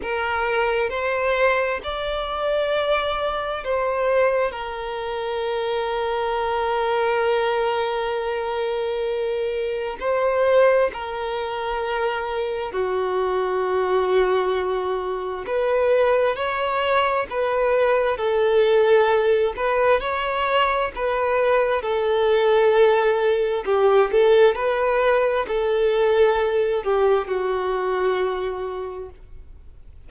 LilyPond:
\new Staff \with { instrumentName = "violin" } { \time 4/4 \tempo 4 = 66 ais'4 c''4 d''2 | c''4 ais'2.~ | ais'2. c''4 | ais'2 fis'2~ |
fis'4 b'4 cis''4 b'4 | a'4. b'8 cis''4 b'4 | a'2 g'8 a'8 b'4 | a'4. g'8 fis'2 | }